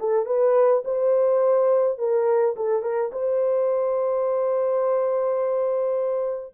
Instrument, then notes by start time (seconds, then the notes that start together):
horn
0.00 A4
0.26 B4
0.85 C5
1.99 A#4
2.57 A4
2.83 A#4
3.12 C5